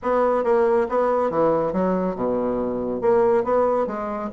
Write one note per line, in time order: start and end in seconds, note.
0.02 0.44 B3
0.44 0.87 A#3
0.89 1.30 B3
1.30 1.72 E3
1.72 2.15 F#3
2.15 3.01 B2
3.01 3.44 A#3
3.44 3.86 B3
3.86 4.29 G#3